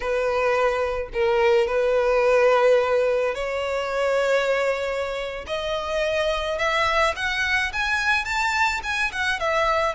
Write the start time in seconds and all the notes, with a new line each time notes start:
0.00 B4
1.13 A#4
1.67 B4
3.34 C#5
5.46 D#5
6.58 E5
7.15 F#5
7.73 G#5
8.24 A5
8.83 G#5
9.12 F#5
9.39 E5